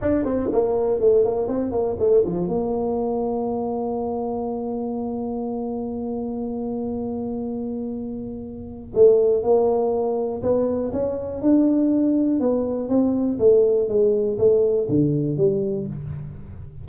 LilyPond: \new Staff \with { instrumentName = "tuba" } { \time 4/4 \tempo 4 = 121 d'8 c'8 ais4 a8 ais8 c'8 ais8 | a8 f8 ais2.~ | ais1~ | ais1~ |
ais2 a4 ais4~ | ais4 b4 cis'4 d'4~ | d'4 b4 c'4 a4 | gis4 a4 d4 g4 | }